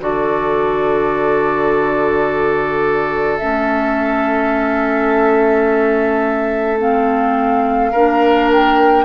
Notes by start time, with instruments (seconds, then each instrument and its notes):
0.00 bassoon D3, clarinet F#4, oboe A4, flute D5
3.38 bassoon A3, clarinet C#4, flute E5
6.79 clarinet C4, flute F5
7.92 bassoon A#3, clarinet D4, oboe A#4
8.51 flute G5